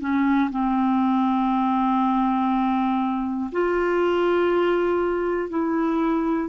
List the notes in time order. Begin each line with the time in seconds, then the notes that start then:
0.00 C#4
0.50 C4
3.52 F4
5.49 E4